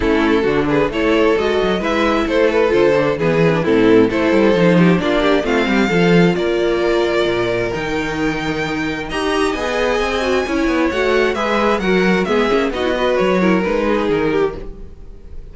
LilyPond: <<
  \new Staff \with { instrumentName = "violin" } { \time 4/4 \tempo 4 = 132 a'4. b'8 cis''4 dis''4 | e''4 c''8 b'8 c''4 b'4 | a'4 c''2 d''4 | f''2 d''2~ |
d''4 g''2. | ais''4 gis''2. | fis''4 e''4 fis''4 e''4 | dis''4 cis''4 b'4 ais'4 | }
  \new Staff \with { instrumentName = "violin" } { \time 4/4 e'4 fis'8 gis'8 a'2 | b'4 a'2 gis'4 | e'4 a'4. g'8 f'8 g'8 | f'8 g'8 a'4 ais'2~ |
ais'1 | dis''2. cis''4~ | cis''4 b'4 ais'4 gis'4 | fis'8 b'4 ais'4 gis'4 g'8 | }
  \new Staff \with { instrumentName = "viola" } { \time 4/4 cis'4 d'4 e'4 fis'4 | e'2 f'8 d'8 b8 c'16 d'16 | c'4 e'4 dis'4 d'4 | c'4 f'2.~ |
f'4 dis'2. | g'4 gis'4. fis'8 e'4 | fis'4 gis'4 fis'4 b8 cis'8 | dis'16 e'16 fis'4 e'8 dis'2 | }
  \new Staff \with { instrumentName = "cello" } { \time 4/4 a4 d4 a4 gis8 fis8 | gis4 a4 d4 e4 | a,4 a8 g8 f4 ais4 | a8 g8 f4 ais2 |
ais,4 dis2. | dis'4 b4 c'4 cis'8 b8 | a4 gis4 fis4 gis8 ais8 | b4 fis4 gis4 dis4 | }
>>